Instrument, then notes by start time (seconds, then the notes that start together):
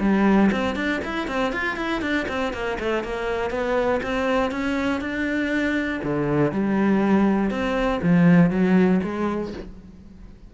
cello
0.00 G3
0.52 C4
0.76 D4
1.05 E4
1.28 C4
1.52 F4
1.77 E4
2.02 D4
2.29 C4
2.53 A#3
2.79 A3
3.04 A#3
3.50 B3
4.03 C4
4.51 C#4
5.01 D4
6.04 D3
6.52 G3
7.50 C4
8.03 F3
8.50 F#3
9.03 G#3